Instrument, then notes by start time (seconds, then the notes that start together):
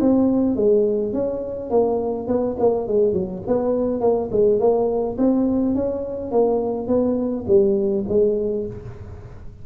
tuba
0.00 C4
0.56 G#3
1.12 C#4
1.70 A#3
2.27 B3
2.59 A#3
2.87 G#3
3.13 F#3
3.47 B3
4.00 A#3
4.31 G#3
4.59 A#3
5.17 C4
5.75 C#4
6.31 A#3
6.87 B3
7.47 G3
8.08 G#3